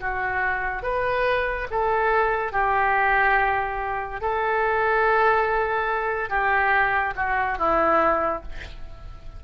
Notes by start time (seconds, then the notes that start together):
0.00 F#4
0.83 B4
1.71 A4
2.52 G4
4.21 A4
6.29 G4
7.16 F#4
7.58 E4